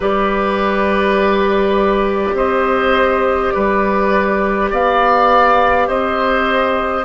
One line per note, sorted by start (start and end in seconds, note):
0.00 2.31 G3
0.00 7.04 G4
0.00 2.34 B4
0.00 2.36 D5
2.33 3.50 C4
2.33 3.53 C5
2.33 3.51 D#5
3.51 4.70 G3
3.51 4.70 B4
3.51 4.69 D5
4.70 5.88 B3
4.70 5.87 D5
4.70 5.88 F5
5.87 7.04 C4
5.87 7.04 C5
5.87 7.04 D#5